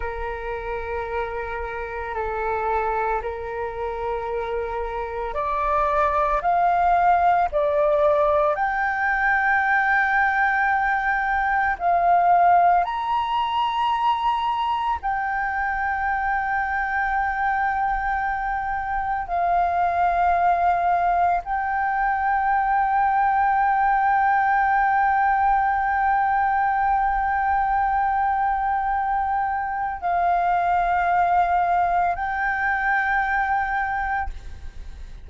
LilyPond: \new Staff \with { instrumentName = "flute" } { \time 4/4 \tempo 4 = 56 ais'2 a'4 ais'4~ | ais'4 d''4 f''4 d''4 | g''2. f''4 | ais''2 g''2~ |
g''2 f''2 | g''1~ | g''1 | f''2 g''2 | }